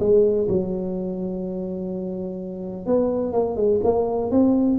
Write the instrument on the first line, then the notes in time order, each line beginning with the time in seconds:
tuba
0.00 G#3
0.49 F#3
2.86 B3
3.33 A#3
3.57 G#3
3.84 A#3
4.32 C4